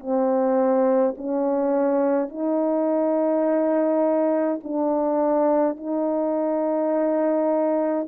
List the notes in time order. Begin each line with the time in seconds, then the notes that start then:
0.00 C4
1.17 C#4
2.29 D#4
4.64 D4
5.76 D#4